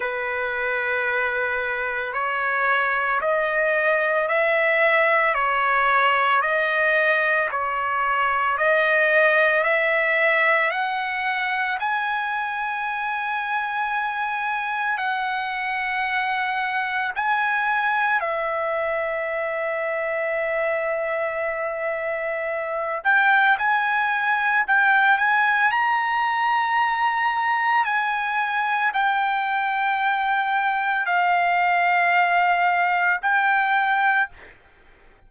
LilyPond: \new Staff \with { instrumentName = "trumpet" } { \time 4/4 \tempo 4 = 56 b'2 cis''4 dis''4 | e''4 cis''4 dis''4 cis''4 | dis''4 e''4 fis''4 gis''4~ | gis''2 fis''2 |
gis''4 e''2.~ | e''4. g''8 gis''4 g''8 gis''8 | ais''2 gis''4 g''4~ | g''4 f''2 g''4 | }